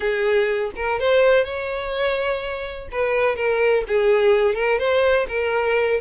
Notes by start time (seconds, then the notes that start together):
0.00 G#4
0.75 A#4
0.99 C5
1.44 C#5
2.91 B4
3.36 A#4
3.87 G#4
4.54 A#4
4.78 C5
5.28 A#4